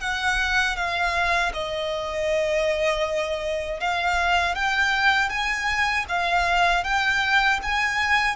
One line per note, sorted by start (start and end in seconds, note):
0.00 0.76 F#5
0.76 1.52 F5
1.53 3.80 D#5
3.80 4.55 F5
4.55 5.29 G5
5.29 6.05 G#5
6.08 6.84 F5
6.84 7.59 G5
7.62 8.35 G#5